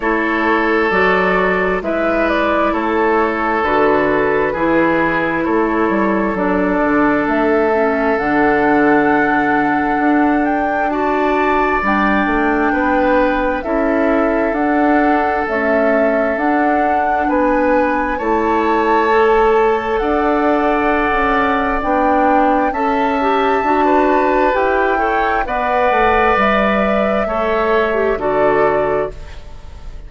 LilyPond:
<<
  \new Staff \with { instrumentName = "flute" } { \time 4/4 \tempo 4 = 66 cis''4 d''4 e''8 d''8 cis''4 | b'2 cis''4 d''4 | e''4 fis''2~ fis''8 g''8 | a''4 g''2 e''4 |
fis''4 e''4 fis''4 gis''4 | a''2 fis''2 | g''4 a''2 g''4 | fis''4 e''2 d''4 | }
  \new Staff \with { instrumentName = "oboe" } { \time 4/4 a'2 b'4 a'4~ | a'4 gis'4 a'2~ | a'1 | d''2 b'4 a'4~ |
a'2. b'4 | cis''2 d''2~ | d''4 e''4~ e''16 b'4~ b'16 cis''8 | d''2 cis''4 a'4 | }
  \new Staff \with { instrumentName = "clarinet" } { \time 4/4 e'4 fis'4 e'2 | fis'4 e'2 d'4~ | d'8 cis'8 d'2. | fis'4 d'2 e'4 |
d'4 a4 d'2 | e'4 a'2. | d'4 a'8 g'8 fis'4 g'8 a'8 | b'2 a'8. g'16 fis'4 | }
  \new Staff \with { instrumentName = "bassoon" } { \time 4/4 a4 fis4 gis4 a4 | d4 e4 a8 g8 fis8 d8 | a4 d2 d'4~ | d'4 g8 a8 b4 cis'4 |
d'4 cis'4 d'4 b4 | a2 d'4~ d'16 cis'8. | b4 cis'4 d'4 e'4 | b8 a8 g4 a4 d4 | }
>>